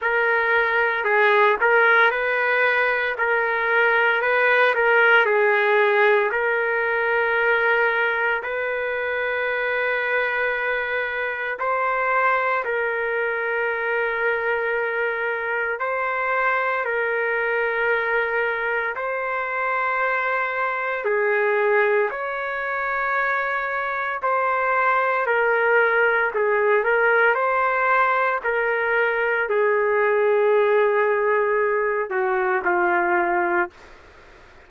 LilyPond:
\new Staff \with { instrumentName = "trumpet" } { \time 4/4 \tempo 4 = 57 ais'4 gis'8 ais'8 b'4 ais'4 | b'8 ais'8 gis'4 ais'2 | b'2. c''4 | ais'2. c''4 |
ais'2 c''2 | gis'4 cis''2 c''4 | ais'4 gis'8 ais'8 c''4 ais'4 | gis'2~ gis'8 fis'8 f'4 | }